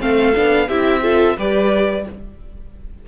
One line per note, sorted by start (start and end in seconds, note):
0.00 0.34 A3
0.00 0.34 C4
0.00 0.69 A4
0.00 0.69 F5
0.35 0.69 B3
0.35 0.69 D4
0.69 1.37 C4
0.69 1.03 E4
0.69 1.03 G4
0.69 1.37 E5
1.03 1.37 F4
1.03 1.37 A4
1.37 2.06 G3
1.37 2.07 G4
1.37 2.06 B4
1.37 2.08 D5